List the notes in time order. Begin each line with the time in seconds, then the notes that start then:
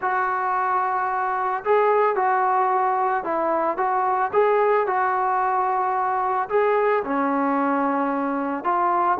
0.01 F#4
1.64 G#4
2.15 F#4
3.23 E4
3.77 F#4
4.32 G#4
4.86 F#4
6.49 G#4
7.04 C#4
8.64 F4